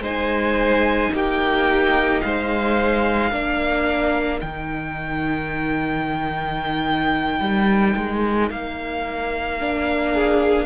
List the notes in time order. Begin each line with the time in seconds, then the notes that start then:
0.00 G#3 D#4 C5 G#5
1.13 A#3 G4 G5
2.21 G#3 C5 F5
3.31 A#3 D4 A#4
4.41 D#3 D#4 G5
7.40 G3
7.97 G#3
8.50 A#3 F5
9.60 D4
10.14 G#4